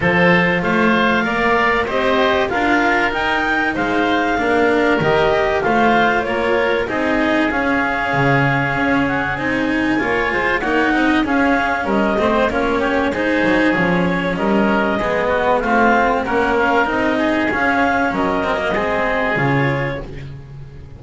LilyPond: <<
  \new Staff \with { instrumentName = "clarinet" } { \time 4/4 \tempo 4 = 96 c''4 f''2 dis''4 | f''4 g''4 f''2 | dis''4 f''4 cis''4 dis''4 | f''2~ f''8 fis''8 gis''4~ |
gis''4 fis''4 f''4 dis''4 | cis''4 c''4 cis''4 dis''4~ | dis''4 f''4 fis''8 f''8 dis''4 | f''4 dis''2 cis''4 | }
  \new Staff \with { instrumentName = "oboe" } { \time 4/4 a'4 c''4 d''4 c''4 | ais'2 c''4 ais'4~ | ais'4 c''4 ais'4 gis'4~ | gis'1 |
cis''8 c''8 cis''8 dis''8 gis'4 ais'8 c''8 | f'8 g'8 gis'2 ais'4 | gis'8 fis'8 f'4 ais'4. gis'8~ | gis'4 ais'4 gis'2 | }
  \new Staff \with { instrumentName = "cello" } { \time 4/4 f'2 ais'4 g'4 | f'4 dis'2 d'4 | g'4 f'2 dis'4 | cis'2. dis'4 |
f'4 dis'4 cis'4. c'8 | cis'4 dis'4 cis'2 | b4 c'4 cis'4 dis'4 | cis'4. c'16 ais16 c'4 f'4 | }
  \new Staff \with { instrumentName = "double bass" } { \time 4/4 f4 a4 ais4 c'4 | d'4 dis'4 gis4 ais4 | dis4 a4 ais4 c'4 | cis'4 cis4 cis'4 c'4 |
ais8 gis8 ais8 c'8 cis'4 g8 a8 | ais4 gis8 fis8 f4 g4 | gis4 a4 ais4 c'4 | cis'4 fis4 gis4 cis4 | }
>>